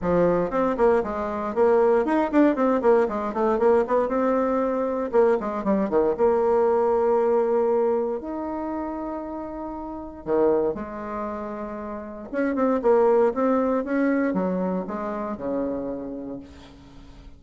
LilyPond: \new Staff \with { instrumentName = "bassoon" } { \time 4/4 \tempo 4 = 117 f4 c'8 ais8 gis4 ais4 | dis'8 d'8 c'8 ais8 gis8 a8 ais8 b8 | c'2 ais8 gis8 g8 dis8 | ais1 |
dis'1 | dis4 gis2. | cis'8 c'8 ais4 c'4 cis'4 | fis4 gis4 cis2 | }